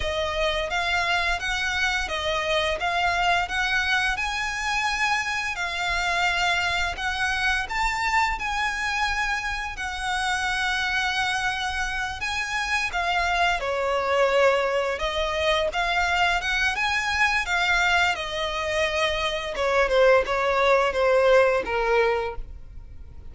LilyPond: \new Staff \with { instrumentName = "violin" } { \time 4/4 \tempo 4 = 86 dis''4 f''4 fis''4 dis''4 | f''4 fis''4 gis''2 | f''2 fis''4 a''4 | gis''2 fis''2~ |
fis''4. gis''4 f''4 cis''8~ | cis''4. dis''4 f''4 fis''8 | gis''4 f''4 dis''2 | cis''8 c''8 cis''4 c''4 ais'4 | }